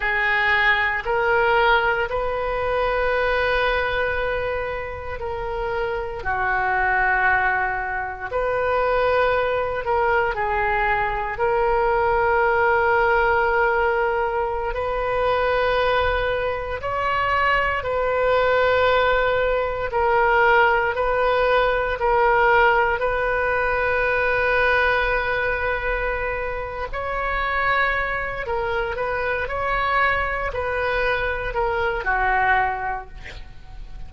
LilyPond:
\new Staff \with { instrumentName = "oboe" } { \time 4/4 \tempo 4 = 58 gis'4 ais'4 b'2~ | b'4 ais'4 fis'2 | b'4. ais'8 gis'4 ais'4~ | ais'2~ ais'16 b'4.~ b'16~ |
b'16 cis''4 b'2 ais'8.~ | ais'16 b'4 ais'4 b'4.~ b'16~ | b'2 cis''4. ais'8 | b'8 cis''4 b'4 ais'8 fis'4 | }